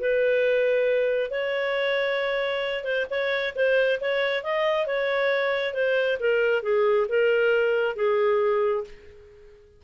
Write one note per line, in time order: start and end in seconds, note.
0.00 1.31 B4
1.31 2.85 C#5
2.85 3.07 C5
3.10 3.55 C#5
3.56 4.00 C5
4.01 4.44 C#5
4.44 4.87 D#5
4.87 5.74 C#5
5.74 6.18 C5
6.20 6.63 A#4
6.63 7.07 G#4
7.09 7.96 A#4
7.96 8.85 G#4